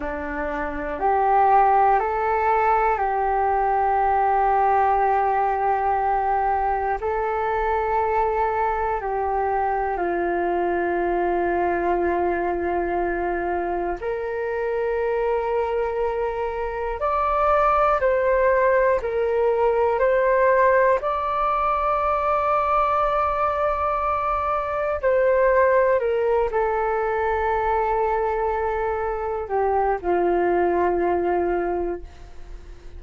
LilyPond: \new Staff \with { instrumentName = "flute" } { \time 4/4 \tempo 4 = 60 d'4 g'4 a'4 g'4~ | g'2. a'4~ | a'4 g'4 f'2~ | f'2 ais'2~ |
ais'4 d''4 c''4 ais'4 | c''4 d''2.~ | d''4 c''4 ais'8 a'4.~ | a'4. g'8 f'2 | }